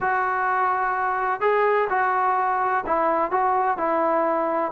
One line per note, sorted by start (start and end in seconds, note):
0.01 1.40 F#4
1.40 1.88 G#4
1.89 2.84 F#4
2.86 3.31 E4
3.31 3.77 F#4
3.77 4.71 E4